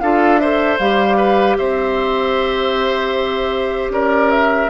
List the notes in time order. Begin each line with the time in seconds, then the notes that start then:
0.00 D4 F4 A4 F5
0.38 A4 C5 E5
0.78 G3 G4 F5
1.17 B4
1.56 C4 C5 E5
3.89 C#4 A#4 D5
4.30 E5